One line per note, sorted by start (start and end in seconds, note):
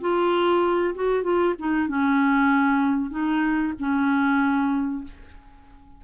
0.00 0.94 F4
0.94 1.23 F#4
1.23 1.54 F4
1.59 1.88 D#4
1.88 3.10 C#4
3.10 3.73 D#4
3.79 5.04 C#4